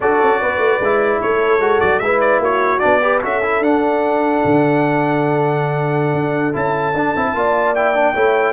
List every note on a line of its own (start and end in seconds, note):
0.00 0.19 D4
0.00 0.82 F#4
0.00 0.40 A4
0.00 1.21 D5
0.22 0.42 C#4
0.40 0.58 B3
0.40 1.21 B4
0.58 0.78 A3
0.80 1.20 G#3
0.80 1.60 E4
1.21 1.58 A3
1.21 2.03 A4
1.21 1.80 C#5
1.58 1.78 G#3
1.58 2.00 F#4
1.80 2.00 F#3
1.80 1.99 D5
1.99 2.38 G#3
1.99 2.80 E4
1.99 2.41 B4
1.99 2.19 E5
2.20 2.40 D5
2.38 2.79 A#3
2.38 3.02 F#4
2.38 2.79 C#5
2.79 3.23 B3
2.79 3.00 D4
2.79 3.19 D5
3.01 3.21 G4
3.01 3.23 B4
3.22 3.59 C#4
3.22 3.42 F#4
3.22 7.36 A4
3.22 3.63 E5
3.43 3.63 E4
3.59 4.40 D4
3.59 6.53 D4
3.59 6.55 F#5
4.44 6.13 D3
6.13 6.54 D4
6.53 6.94 C#4
6.53 6.93 E4
6.53 7.75 A5
6.94 7.14 D4
6.94 7.16 D4
7.15 7.34 C4
7.15 7.35 E4
7.34 8.14 A#3
7.34 7.75 F4
7.34 8.14 D5
7.75 7.94 E4
7.75 8.53 G5
7.94 8.14 D4
8.14 8.53 A3
8.14 8.53 E4
8.14 8.53 C#5